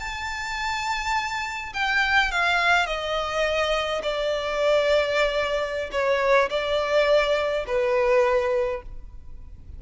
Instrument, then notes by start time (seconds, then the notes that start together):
violin
0.00 A5
1.74 G5
2.32 F5
2.87 D#5
4.03 D5
5.92 C#5
6.50 D5
7.67 B4